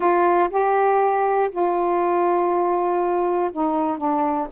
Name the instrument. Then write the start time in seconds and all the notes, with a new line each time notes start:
saxophone
0.00 F4
0.50 G4
1.50 F4
3.52 D#4
3.97 D4